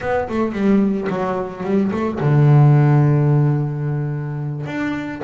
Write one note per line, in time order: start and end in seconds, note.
0.01 0.28 B3
0.28 0.52 A3
0.52 1.07 G3
1.09 1.63 F#3
1.63 1.91 G3
1.91 2.19 A3
2.19 4.66 D3
4.66 5.21 D4